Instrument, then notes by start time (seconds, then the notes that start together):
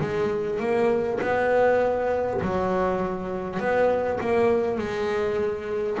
double bass
0.00 G#3
0.59 A#3
1.20 B3
2.41 F#3
3.59 B3
4.20 A#3
4.77 G#3